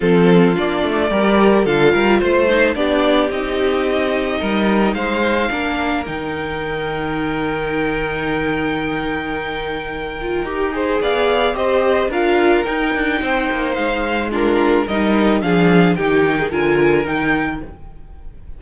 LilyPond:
<<
  \new Staff \with { instrumentName = "violin" } { \time 4/4 \tempo 4 = 109 a'4 d''2 f''4 | c''4 d''4 dis''2~ | dis''4 f''2 g''4~ | g''1~ |
g''1 | f''4 dis''4 f''4 g''4~ | g''4 f''4 ais'4 dis''4 | f''4 g''4 gis''4 g''4 | }
  \new Staff \with { instrumentName = "violin" } { \time 4/4 f'2 ais'4 a'8 ais'8 | c''4 g'2. | ais'4 c''4 ais'2~ | ais'1~ |
ais'2.~ ais'8 c''8 | d''4 c''4 ais'2 | c''2 f'4 ais'4 | gis'4 g'8. gis'16 ais'2 | }
  \new Staff \with { instrumentName = "viola" } { \time 4/4 c'4 d'4 g'4 f'4~ | f'8 dis'8 d'4 dis'2~ | dis'2 d'4 dis'4~ | dis'1~ |
dis'2~ dis'8 f'8 g'8 gis'8~ | gis'4 g'4 f'4 dis'4~ | dis'2 d'4 dis'4 | d'4 dis'4 f'4 dis'4 | }
  \new Staff \with { instrumentName = "cello" } { \time 4/4 f4 ais8 a8 g4 d8 g8 | a4 b4 c'2 | g4 gis4 ais4 dis4~ | dis1~ |
dis2. dis'4 | b4 c'4 d'4 dis'8 d'8 | c'8 ais8 gis2 g4 | f4 dis4 d4 dis4 | }
>>